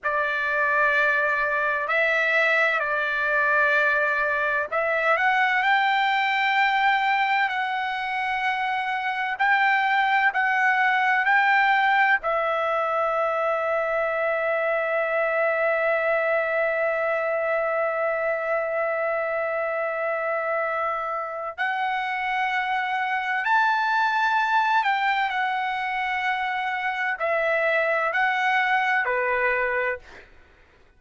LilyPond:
\new Staff \with { instrumentName = "trumpet" } { \time 4/4 \tempo 4 = 64 d''2 e''4 d''4~ | d''4 e''8 fis''8 g''2 | fis''2 g''4 fis''4 | g''4 e''2.~ |
e''1~ | e''2. fis''4~ | fis''4 a''4. g''8 fis''4~ | fis''4 e''4 fis''4 b'4 | }